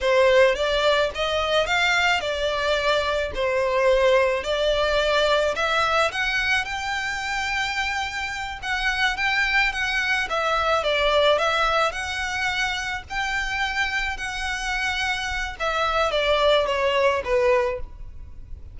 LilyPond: \new Staff \with { instrumentName = "violin" } { \time 4/4 \tempo 4 = 108 c''4 d''4 dis''4 f''4 | d''2 c''2 | d''2 e''4 fis''4 | g''2.~ g''8 fis''8~ |
fis''8 g''4 fis''4 e''4 d''8~ | d''8 e''4 fis''2 g''8~ | g''4. fis''2~ fis''8 | e''4 d''4 cis''4 b'4 | }